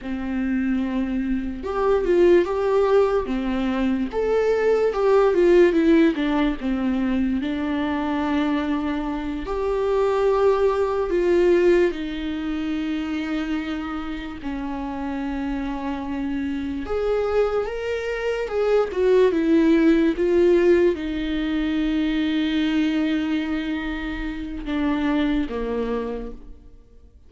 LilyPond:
\new Staff \with { instrumentName = "viola" } { \time 4/4 \tempo 4 = 73 c'2 g'8 f'8 g'4 | c'4 a'4 g'8 f'8 e'8 d'8 | c'4 d'2~ d'8 g'8~ | g'4. f'4 dis'4.~ |
dis'4. cis'2~ cis'8~ | cis'8 gis'4 ais'4 gis'8 fis'8 e'8~ | e'8 f'4 dis'2~ dis'8~ | dis'2 d'4 ais4 | }